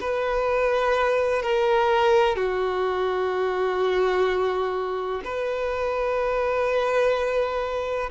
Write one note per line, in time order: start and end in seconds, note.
0.00 1.42 B4
1.42 2.35 A#4
2.35 5.21 F#4
5.24 8.10 B4